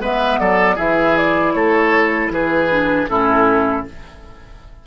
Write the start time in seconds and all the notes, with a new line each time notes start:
0.00 G#3 B3 B4 E5
0.40 F#3 A4 D5
0.76 E3 E4 G#4 E5
1.17 D5
1.54 A3 A4 C#5
2.30 E3 G#4 B4
2.70 D4
3.09 A2 C#4 E4 A4